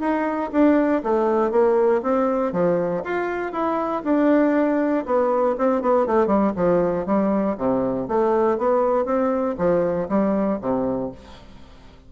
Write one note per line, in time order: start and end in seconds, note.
0.00 0.50 D#4
0.52 1.02 D4
1.03 1.51 A3
1.51 2.02 A#3
2.02 2.52 C4
2.52 3.03 F3
3.04 3.52 F4
3.52 4.03 E4
4.04 5.05 D4
5.05 5.56 B3
5.58 5.81 C4
5.81 6.06 B3
6.06 6.27 A3
6.27 6.52 G3
6.56 7.06 F3
7.06 7.57 G3
7.58 8.08 C3
8.08 8.58 A3
8.58 9.05 B3
9.05 9.55 C4
9.58 10.08 F3
10.09 10.59 G3
10.61 11.11 C3